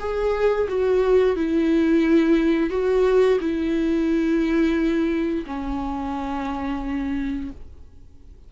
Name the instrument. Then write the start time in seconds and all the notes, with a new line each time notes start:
viola
0.00 G#4
0.69 F#4
1.37 E4
2.71 F#4
3.41 E4
5.47 C#4